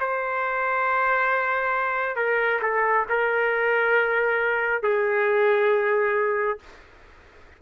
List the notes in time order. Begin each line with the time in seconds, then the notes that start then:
0.00 C5
2.16 A#4
2.62 A4
3.09 A#4
4.83 G#4